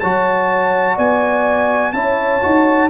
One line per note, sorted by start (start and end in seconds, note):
0.00 0.98 F#3
0.00 1.94 F#4
0.00 0.96 C#5
0.00 0.97 A5
0.96 1.93 B3
0.96 1.92 D5
0.96 1.93 G#5
1.93 2.41 C#4
1.93 2.41 E4
1.93 2.90 C#5
1.93 2.89 A5
2.41 2.90 D#4
2.41 2.90 F#4